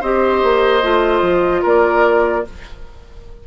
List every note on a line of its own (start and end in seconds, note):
0.00 0.42 C4
0.00 0.82 G4
0.00 1.62 C5
0.00 1.65 D#5
0.42 0.83 A#3
0.82 1.21 A3
0.82 2.44 F4
1.21 1.62 F3
1.62 2.45 A#3
1.62 2.43 A#4
1.62 2.46 D5